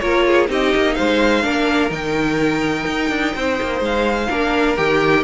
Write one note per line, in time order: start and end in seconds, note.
0.00 0.49 A#3
0.00 0.48 F4
0.00 0.26 A#4
0.00 0.48 C#5
0.27 0.50 G#4
0.48 0.73 C4
0.48 1.43 D#4
0.48 0.96 G4
0.48 0.94 D#5
0.76 1.00 A#3
0.94 1.44 G#3
0.94 1.44 C5
0.94 1.90 F5
1.43 1.91 A#3
1.43 1.90 D4
1.43 3.34 A#4
1.90 2.86 D#3
1.90 4.28 D#4
1.90 3.83 G5
2.87 3.10 D#4
3.10 3.34 D4
3.34 3.60 C4
3.34 4.29 C5
3.62 3.81 A#3
3.81 4.28 G#3
3.81 4.77 F5
4.29 4.78 A#3
4.29 4.77 D4
4.29 5.24 A#4
4.77 5.24 D#3
4.77 5.24 G4
4.77 5.24 G5